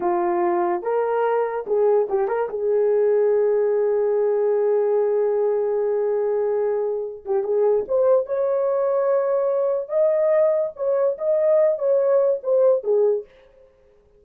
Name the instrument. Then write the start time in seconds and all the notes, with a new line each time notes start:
horn
0.00 F4
0.82 A#4
1.66 G#4
2.09 G4
2.28 A#4
2.49 G#4
7.25 G4
7.43 G#4
7.88 C5
8.26 C#5
9.88 D#5
10.76 C#5
11.18 D#5
11.78 C#5
12.43 C5
12.83 G#4